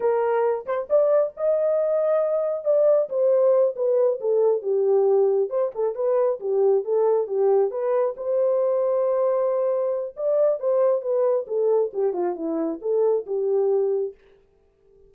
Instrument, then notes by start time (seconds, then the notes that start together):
horn
0.00 A#4
0.66 C5
0.89 D5
1.36 D#5
2.64 D5
3.09 C5
3.75 B4
4.20 A4
4.62 G4
5.49 C5
5.74 A4
5.95 B4
6.40 G4
6.84 A4
7.27 G4
7.70 B4
8.16 C5
10.16 D5
10.59 C5
11.01 B4
11.47 A4
11.93 G4
12.13 F4
12.35 E4
12.81 A4
13.26 G4